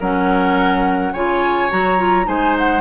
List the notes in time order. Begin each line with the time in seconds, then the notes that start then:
0.00 F#3 C#4 A#4 F#5
1.13 C#3 F4 C#5 G#5
1.70 F#3 F#4 A#5
1.98 F4
2.25 G#3 D#4 C5 G#5
2.58 F#5